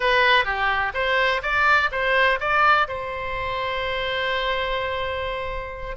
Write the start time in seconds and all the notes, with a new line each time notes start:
0.00 B4
0.44 G4
0.94 C5
1.42 D5
1.91 C5
2.40 D5
2.87 C5